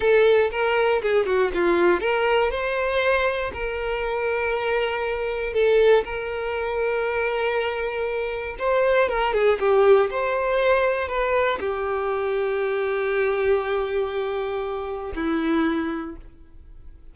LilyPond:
\new Staff \with { instrumentName = "violin" } { \time 4/4 \tempo 4 = 119 a'4 ais'4 gis'8 fis'8 f'4 | ais'4 c''2 ais'4~ | ais'2. a'4 | ais'1~ |
ais'4 c''4 ais'8 gis'8 g'4 | c''2 b'4 g'4~ | g'1~ | g'2 e'2 | }